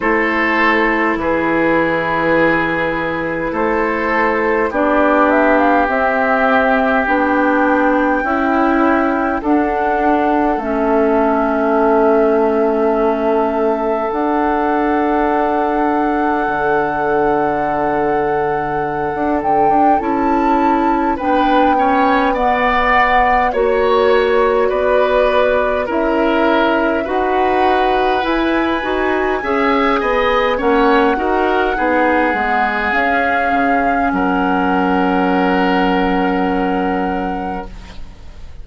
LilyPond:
<<
  \new Staff \with { instrumentName = "flute" } { \time 4/4 \tempo 4 = 51 c''4 b'2 c''4 | d''8 e''16 f''16 e''4 g''2 | fis''4 e''2. | fis''1~ |
fis''8 g''8 a''4 g''4 fis''4 | cis''4 d''4 e''4 fis''4 | gis''2 fis''2 | f''4 fis''2. | }
  \new Staff \with { instrumentName = "oboe" } { \time 4/4 a'4 gis'2 a'4 | g'2. e'4 | a'1~ | a'1~ |
a'2 b'8 cis''8 d''4 | cis''4 b'4 ais'4 b'4~ | b'4 e''8 dis''8 cis''8 ais'8 gis'4~ | gis'4 ais'2. | }
  \new Staff \with { instrumentName = "clarinet" } { \time 4/4 e'1 | d'4 c'4 d'4 e'4 | d'4 cis'2. | d'1~ |
d'4 e'4 d'8 cis'8 b4 | fis'2 e'4 fis'4 | e'8 fis'8 gis'4 cis'8 fis'8 dis'8 b8 | cis'1 | }
  \new Staff \with { instrumentName = "bassoon" } { \time 4/4 a4 e2 a4 | b4 c'4 b4 cis'4 | d'4 a2. | d'2 d2~ |
d16 d'16 d16 d'16 cis'4 b2 | ais4 b4 cis'4 dis'4 | e'8 dis'8 cis'8 b8 ais8 dis'8 b8 gis8 | cis'8 cis8 fis2. | }
>>